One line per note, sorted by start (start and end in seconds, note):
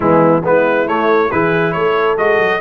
0.00 0.43 E3
0.00 0.42 G#3
0.00 0.45 B3
0.00 0.43 E4
0.43 0.87 G#3
0.43 0.87 B3
0.43 1.30 E4
0.43 0.87 B4
0.87 1.30 A3
0.87 1.31 C#5
1.30 1.74 E3
1.30 2.17 E4
1.30 1.73 G#4
1.30 1.72 B4
1.72 2.18 A3
1.72 2.60 A4
1.72 2.16 C#5
2.17 2.38 G#3
2.17 2.60 F#4
2.17 2.60 D#5
2.38 2.60 F#3